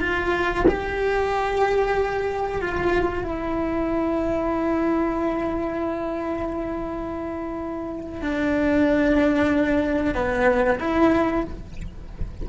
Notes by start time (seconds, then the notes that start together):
0.00 F4
0.68 G4
2.61 F4
3.23 E4
8.21 D4
10.14 B3
10.80 E4